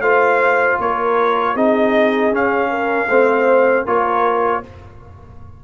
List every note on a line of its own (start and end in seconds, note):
0.00 0.77 A3
0.00 1.56 F4
0.00 0.79 C5
0.00 0.78 F5
0.79 1.55 A#3
0.79 1.54 A#4
0.79 1.57 C#5
1.54 2.31 C4
1.54 2.32 D#4
1.54 2.69 G#4
1.54 2.33 D#5
2.31 3.08 C#4
2.31 3.09 C#4
2.31 3.87 F5
2.70 3.08 A#4
3.08 3.85 A3
3.08 3.86 C4
3.08 3.84 C5
3.84 4.63 A#3
3.84 4.63 F4
3.84 4.61 A#4
3.84 4.64 C#5